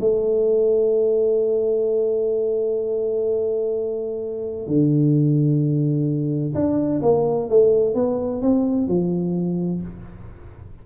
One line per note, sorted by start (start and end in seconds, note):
0.00 4.67 A3
4.67 6.54 D3
6.54 7.01 D4
7.02 7.49 A#3
7.49 7.95 A3
7.95 8.42 B3
8.42 8.88 C4
8.88 9.82 F3